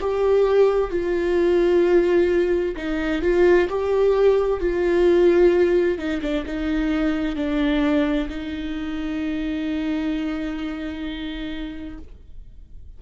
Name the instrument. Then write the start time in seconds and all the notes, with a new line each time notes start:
viola
0.00 G4
0.91 F4
2.76 D#4
3.22 F4
3.69 G4
4.60 F4
5.98 D#4
6.21 D4
6.46 D#4
7.36 D4
8.29 D#4